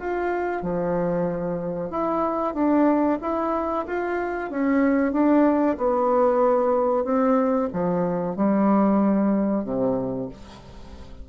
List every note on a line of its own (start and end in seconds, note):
0.00 0.62 F4
0.62 1.90 F3
1.90 2.54 E4
2.54 3.18 D4
3.21 3.86 E4
3.87 4.50 F4
4.50 5.13 C#4
5.13 5.77 D4
5.77 7.04 B3
7.04 7.69 C4
7.73 8.36 F3
8.36 9.64 G3
9.64 10.29 C3